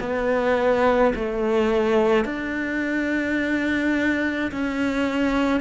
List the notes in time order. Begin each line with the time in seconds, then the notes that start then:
0.00 B3
1.15 A3
2.25 D4
4.51 C#4